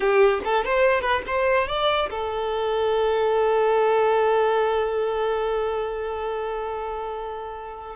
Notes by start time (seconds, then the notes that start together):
0.00 G4
0.44 A4
0.64 C5
1.01 B4
1.26 C5
1.67 D5
2.10 A4